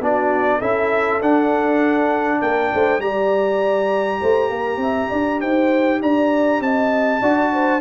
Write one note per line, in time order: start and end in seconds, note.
0.00 0.60 B3
0.00 0.61 D4
0.00 0.58 F#4
0.00 0.61 D5
0.58 1.21 C#4
0.58 1.21 E4
0.58 2.38 A4
0.58 1.21 E5
1.21 2.41 D4
1.21 3.00 D4
1.21 2.41 F#5
2.41 2.72 A#3
2.41 2.72 A#4
2.41 3.01 G5
2.73 2.99 A3
2.73 3.03 C5
2.99 4.19 G3
2.99 7.20 G4
2.99 4.21 D5
2.99 5.41 A#5
4.21 4.50 A3
4.21 4.51 C5
4.50 4.77 A#3
4.50 4.81 A#4
4.77 5.07 C4
4.77 5.10 E5
5.10 5.42 D4
5.10 5.40 D5
5.41 6.02 D#4
5.41 6.00 C5
5.41 6.01 G5
6.02 6.61 D4
6.02 6.63 D5
6.02 6.62 A#5
6.61 7.21 C4
6.61 7.21 D#5
6.61 7.81 A5
7.21 7.81 D4
7.21 7.81 F#4
7.21 7.51 D5
7.53 7.81 C5